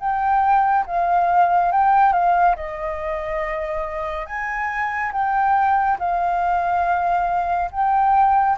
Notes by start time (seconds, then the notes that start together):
0.00 G5
0.86 F5
1.72 G5
2.13 F5
2.56 D#5
4.27 G#5
5.12 G5
5.99 F5
7.72 G5